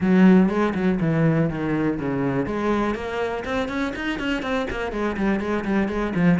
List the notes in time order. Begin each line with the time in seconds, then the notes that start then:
0.00 F#3
0.49 G#3
0.74 F#3
1.00 E3
1.49 D#3
1.99 C#3
2.46 G#3
2.94 A#3
3.44 C4
3.68 C#4
3.95 D#4
4.19 C#4
4.42 C4
4.70 A#3
4.92 G#3
5.16 G3
5.40 G#3
5.64 G3
5.88 G#3
6.15 F3